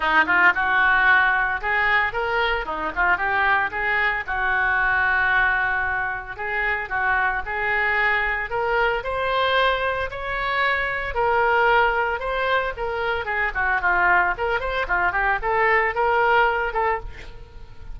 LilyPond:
\new Staff \with { instrumentName = "oboe" } { \time 4/4 \tempo 4 = 113 dis'8 f'8 fis'2 gis'4 | ais'4 dis'8 f'8 g'4 gis'4 | fis'1 | gis'4 fis'4 gis'2 |
ais'4 c''2 cis''4~ | cis''4 ais'2 c''4 | ais'4 gis'8 fis'8 f'4 ais'8 c''8 | f'8 g'8 a'4 ais'4. a'8 | }